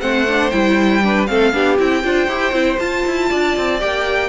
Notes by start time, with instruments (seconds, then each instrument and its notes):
0.00 cello A3, viola C4, violin C5 F#5
0.28 viola D4
0.50 cello G3, viola E4, violin G5
1.03 viola D4, violin B4
1.26 cello A3, viola C4, violin A4 F5
1.53 cello B3, viola D4, violin G4
1.78 cello C4, viola E4, violin G5
2.03 cello D4, viola F4, violin C5
2.28 cello E4, viola G4
2.52 cello C4, viola E4
2.79 cello F4, viola F4, violin A5
3.06 cello E4
3.29 cello D4, violin D5
3.57 cello C4
3.80 cello A#3, viola G4, violin G5